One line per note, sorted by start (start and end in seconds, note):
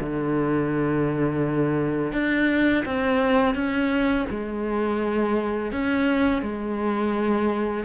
0.00 2.13 D3
2.13 2.84 D4
2.85 3.55 C4
3.55 4.26 C#4
4.30 5.72 G#3
5.72 6.42 C#4
6.42 7.85 G#3